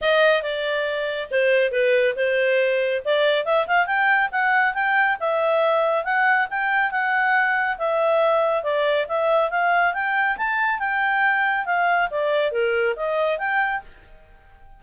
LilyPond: \new Staff \with { instrumentName = "clarinet" } { \time 4/4 \tempo 4 = 139 dis''4 d''2 c''4 | b'4 c''2 d''4 | e''8 f''8 g''4 fis''4 g''4 | e''2 fis''4 g''4 |
fis''2 e''2 | d''4 e''4 f''4 g''4 | a''4 g''2 f''4 | d''4 ais'4 dis''4 g''4 | }